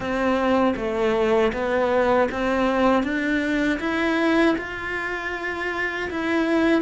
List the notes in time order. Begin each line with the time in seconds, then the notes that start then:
0.00 C4
0.76 A3
1.52 B3
2.31 C4
3.03 D4
3.79 E4
4.58 F4
6.10 E4